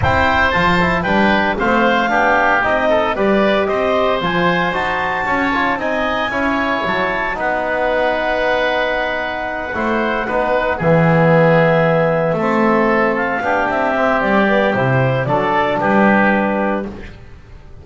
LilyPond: <<
  \new Staff \with { instrumentName = "clarinet" } { \time 4/4 \tempo 4 = 114 g''4 a''4 g''4 f''4~ | f''4 dis''4 d''4 dis''4 | gis''4 a''2 gis''4~ | gis''4 a''4 fis''2~ |
fis''1~ | fis''8 e''2.~ e''8~ | e''4 f''4 e''4 d''4 | c''4 d''4 b'2 | }
  \new Staff \with { instrumentName = "oboe" } { \time 4/4 c''2 b'4 c''4 | g'4. a'8 b'4 c''4~ | c''2 cis''4 dis''4 | cis''2 b'2~ |
b'2~ b'8 c''4 b'8~ | b'8 gis'2. a'8~ | a'4. g'2~ g'8~ | g'4 a'4 g'2 | }
  \new Staff \with { instrumentName = "trombone" } { \time 4/4 e'4 f'8 e'8 d'4 c'4 | d'4 dis'4 g'2 | f'4 fis'4. f'8 dis'4 | e'2 dis'2~ |
dis'2~ dis'8 e'4 dis'8~ | dis'8 b2. c'8~ | c'4. d'4 c'4 b8 | e'4 d'2. | }
  \new Staff \with { instrumentName = "double bass" } { \time 4/4 c'4 f4 g4 a4 | b4 c'4 g4 c'4 | f4 dis'4 cis'4 c'4 | cis'4 fis4 b2~ |
b2~ b8 a4 b8~ | b8 e2. a8~ | a4. b8 c'4 g4 | c4 fis4 g2 | }
>>